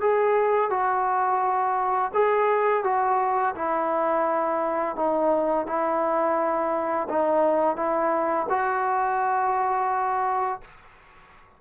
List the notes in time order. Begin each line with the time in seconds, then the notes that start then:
0.00 G#4
0.70 F#4
2.13 G#4
2.83 F#4
3.55 E4
4.95 D#4
5.66 E4
7.08 D#4
7.76 E4
8.49 F#4